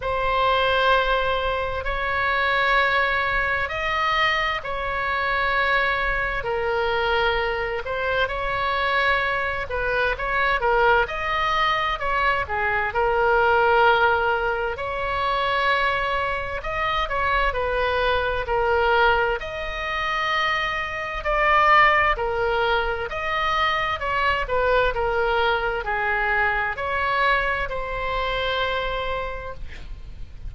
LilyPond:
\new Staff \with { instrumentName = "oboe" } { \time 4/4 \tempo 4 = 65 c''2 cis''2 | dis''4 cis''2 ais'4~ | ais'8 c''8 cis''4. b'8 cis''8 ais'8 | dis''4 cis''8 gis'8 ais'2 |
cis''2 dis''8 cis''8 b'4 | ais'4 dis''2 d''4 | ais'4 dis''4 cis''8 b'8 ais'4 | gis'4 cis''4 c''2 | }